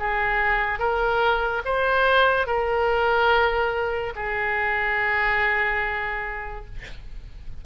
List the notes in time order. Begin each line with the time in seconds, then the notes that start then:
0.00 G#4
0.79 A#4
1.66 C5
2.47 A#4
4.16 G#4